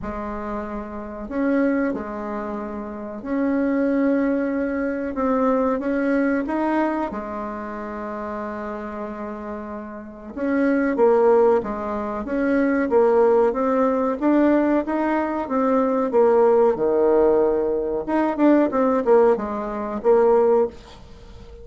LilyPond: \new Staff \with { instrumentName = "bassoon" } { \time 4/4 \tempo 4 = 93 gis2 cis'4 gis4~ | gis4 cis'2. | c'4 cis'4 dis'4 gis4~ | gis1 |
cis'4 ais4 gis4 cis'4 | ais4 c'4 d'4 dis'4 | c'4 ais4 dis2 | dis'8 d'8 c'8 ais8 gis4 ais4 | }